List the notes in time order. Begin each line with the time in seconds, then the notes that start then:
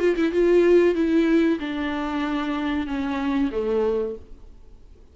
0.00 F4
0.16 E4
0.32 F4
0.95 E4
1.60 D4
2.87 C#4
3.52 A3